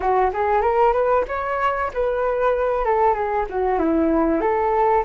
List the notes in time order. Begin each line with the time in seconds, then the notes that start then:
0.00 F#4
0.33 G#4
0.61 A#4
0.92 B4
1.28 C#5
1.93 B4
2.84 A4
3.13 G#4
3.49 F#4
3.79 E4
4.40 A4